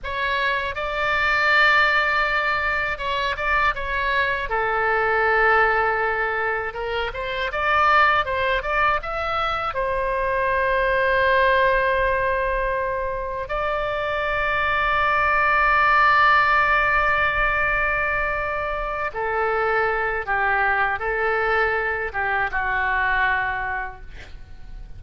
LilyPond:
\new Staff \with { instrumentName = "oboe" } { \time 4/4 \tempo 4 = 80 cis''4 d''2. | cis''8 d''8 cis''4 a'2~ | a'4 ais'8 c''8 d''4 c''8 d''8 | e''4 c''2.~ |
c''2 d''2~ | d''1~ | d''4. a'4. g'4 | a'4. g'8 fis'2 | }